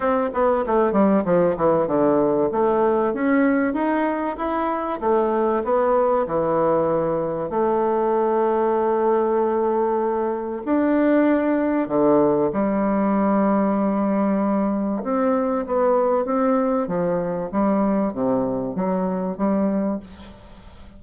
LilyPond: \new Staff \with { instrumentName = "bassoon" } { \time 4/4 \tempo 4 = 96 c'8 b8 a8 g8 f8 e8 d4 | a4 cis'4 dis'4 e'4 | a4 b4 e2 | a1~ |
a4 d'2 d4 | g1 | c'4 b4 c'4 f4 | g4 c4 fis4 g4 | }